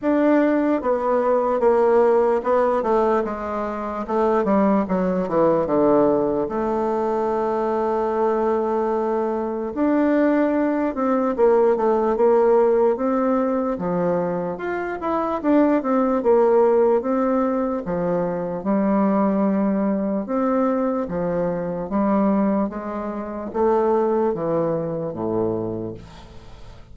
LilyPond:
\new Staff \with { instrumentName = "bassoon" } { \time 4/4 \tempo 4 = 74 d'4 b4 ais4 b8 a8 | gis4 a8 g8 fis8 e8 d4 | a1 | d'4. c'8 ais8 a8 ais4 |
c'4 f4 f'8 e'8 d'8 c'8 | ais4 c'4 f4 g4~ | g4 c'4 f4 g4 | gis4 a4 e4 a,4 | }